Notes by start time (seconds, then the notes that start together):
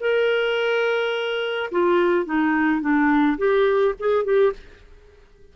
0.00 A#4
1.71 F4
2.25 D#4
2.80 D4
3.38 G4
3.99 G#4
4.24 G4